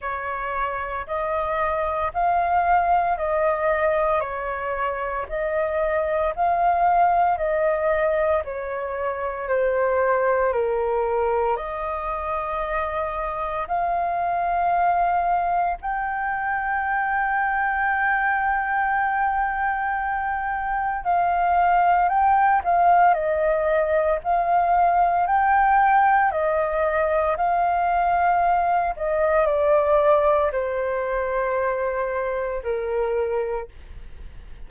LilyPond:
\new Staff \with { instrumentName = "flute" } { \time 4/4 \tempo 4 = 57 cis''4 dis''4 f''4 dis''4 | cis''4 dis''4 f''4 dis''4 | cis''4 c''4 ais'4 dis''4~ | dis''4 f''2 g''4~ |
g''1 | f''4 g''8 f''8 dis''4 f''4 | g''4 dis''4 f''4. dis''8 | d''4 c''2 ais'4 | }